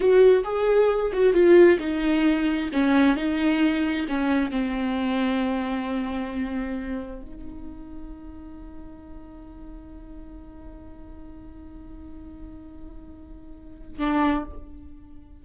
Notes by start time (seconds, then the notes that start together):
0.00 F#4
0.44 G#4
1.12 F#4
1.33 F4
1.79 D#4
2.73 C#4
3.16 D#4
4.08 C#4
4.51 C4
7.22 D#4
13.98 D4